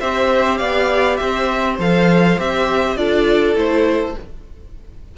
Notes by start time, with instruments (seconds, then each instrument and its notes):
0.00 cello C4, viola G4, violin C5 E5
0.57 cello B3, violin D5 F5
1.17 cello C4, violin C5 E5
1.78 cello F3, viola A4, violin F5
2.38 cello C4, viola G4, violin E5
2.96 cello D4, viola F4, violin A4 D5
3.55 cello A3, viola E4, violin C5